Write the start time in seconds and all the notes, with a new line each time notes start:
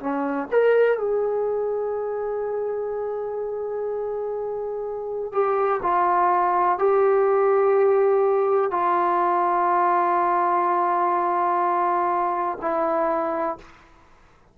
0.00 C#4
0.51 A#4
0.98 G#4
5.32 G4
5.82 F4
6.79 G4
8.71 F4
12.61 E4